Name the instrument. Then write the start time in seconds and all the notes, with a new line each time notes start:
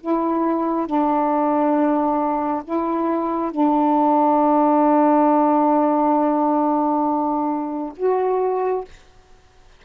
saxophone
0.00 E4
0.86 D4
2.64 E4
3.51 D4
7.97 F#4